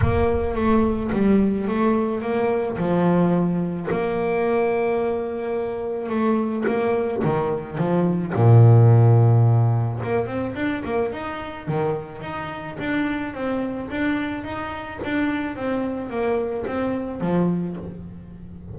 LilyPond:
\new Staff \with { instrumentName = "double bass" } { \time 4/4 \tempo 4 = 108 ais4 a4 g4 a4 | ais4 f2 ais4~ | ais2. a4 | ais4 dis4 f4 ais,4~ |
ais,2 ais8 c'8 d'8 ais8 | dis'4 dis4 dis'4 d'4 | c'4 d'4 dis'4 d'4 | c'4 ais4 c'4 f4 | }